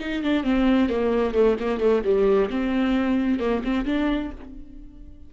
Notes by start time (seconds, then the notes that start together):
0.00 D#4
0.23 D4
0.44 C4
0.89 A#3
1.35 A3
1.60 A#3
1.80 A3
2.04 G3
2.50 C4
3.40 A#3
3.64 C4
3.86 D4